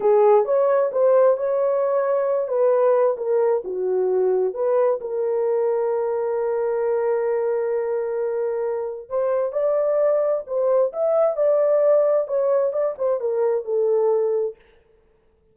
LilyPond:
\new Staff \with { instrumentName = "horn" } { \time 4/4 \tempo 4 = 132 gis'4 cis''4 c''4 cis''4~ | cis''4. b'4. ais'4 | fis'2 b'4 ais'4~ | ais'1~ |
ais'1 | c''4 d''2 c''4 | e''4 d''2 cis''4 | d''8 c''8 ais'4 a'2 | }